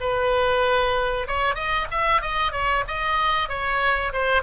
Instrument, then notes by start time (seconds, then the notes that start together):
oboe
0.00 B4
1.27 C#5
1.55 D#5
1.91 E5
2.21 D#5
2.52 C#5
2.88 D#5
3.48 C#5
4.13 C5